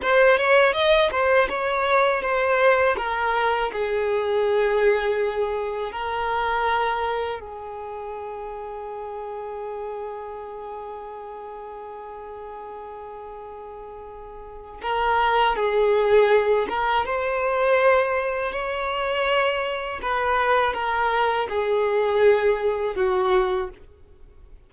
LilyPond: \new Staff \with { instrumentName = "violin" } { \time 4/4 \tempo 4 = 81 c''8 cis''8 dis''8 c''8 cis''4 c''4 | ais'4 gis'2. | ais'2 gis'2~ | gis'1~ |
gis'1 | ais'4 gis'4. ais'8 c''4~ | c''4 cis''2 b'4 | ais'4 gis'2 fis'4 | }